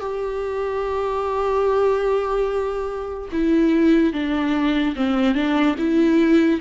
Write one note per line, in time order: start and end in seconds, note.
0.00 3.29 G4
3.32 4.12 E4
4.12 4.95 D4
4.95 5.34 C4
5.34 5.75 D4
5.78 6.60 E4